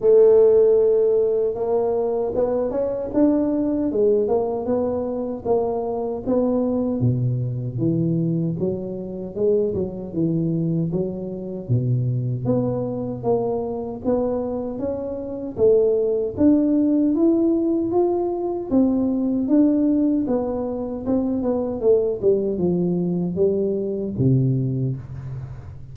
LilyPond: \new Staff \with { instrumentName = "tuba" } { \time 4/4 \tempo 4 = 77 a2 ais4 b8 cis'8 | d'4 gis8 ais8 b4 ais4 | b4 b,4 e4 fis4 | gis8 fis8 e4 fis4 b,4 |
b4 ais4 b4 cis'4 | a4 d'4 e'4 f'4 | c'4 d'4 b4 c'8 b8 | a8 g8 f4 g4 c4 | }